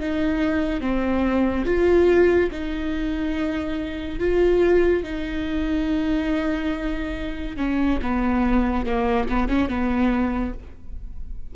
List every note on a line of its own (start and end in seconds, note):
0.00 0.81 D#4
0.81 1.65 C4
1.66 2.50 F4
2.51 4.19 D#4
4.19 5.04 F4
5.04 7.57 D#4
7.57 7.99 C#4
8.02 8.86 B3
8.86 9.28 A#3
9.28 9.48 B3
9.48 9.69 C#4
9.69 10.53 B3